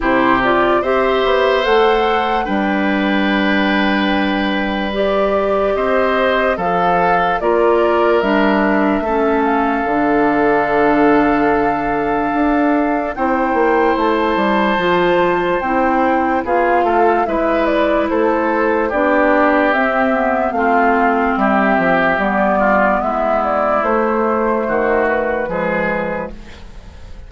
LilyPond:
<<
  \new Staff \with { instrumentName = "flute" } { \time 4/4 \tempo 4 = 73 c''8 d''8 e''4 fis''4 g''4~ | g''2 d''4 dis''4 | f''4 d''4 e''4. f''8~ | f''1 |
g''4 a''2 g''4 | f''4 e''8 d''8 c''4 d''4 | e''4 f''4 e''4 d''4 | e''8 d''8 c''4. b'4. | }
  \new Staff \with { instrumentName = "oboe" } { \time 4/4 g'4 c''2 b'4~ | b'2. c''4 | a'4 ais'2 a'4~ | a'1 |
c''1 | gis'8 a'8 b'4 a'4 g'4~ | g'4 f'4 g'4. f'8 | e'2 fis'4 gis'4 | }
  \new Staff \with { instrumentName = "clarinet" } { \time 4/4 e'8 f'8 g'4 a'4 d'4~ | d'2 g'2 | a'4 f'4 d'4 cis'4 | d'1 |
e'2 f'4 e'4 | f'4 e'2 d'4 | c'8 b8 c'2 b4~ | b4 a2 gis4 | }
  \new Staff \with { instrumentName = "bassoon" } { \time 4/4 c4 c'8 b8 a4 g4~ | g2. c'4 | f4 ais4 g4 a4 | d2. d'4 |
c'8 ais8 a8 g8 f4 c'4 | b8 a8 gis4 a4 b4 | c'4 a4 g8 f8 g4 | gis4 a4 dis4 f4 | }
>>